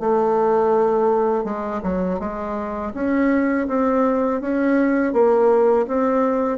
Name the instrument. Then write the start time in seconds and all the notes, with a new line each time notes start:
bassoon
0.00 A3
1.44 G#3
1.83 F#3
2.20 G#3
2.94 C#4
3.68 C4
4.41 C#4
5.13 A#3
5.88 C4